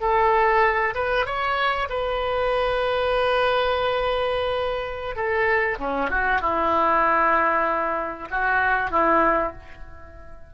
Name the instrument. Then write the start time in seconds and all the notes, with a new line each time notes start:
oboe
0.00 A4
0.94 B4
1.25 C#5
1.89 B4
5.16 A4
5.78 C#4
6.10 F#4
6.41 E4
8.30 F#4
8.90 E4